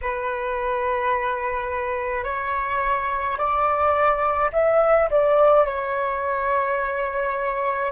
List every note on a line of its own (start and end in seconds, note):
0.01 2.24 B4
2.24 3.37 C#5
3.37 4.50 D5
4.52 5.09 E5
5.10 5.66 D5
5.66 7.91 C#5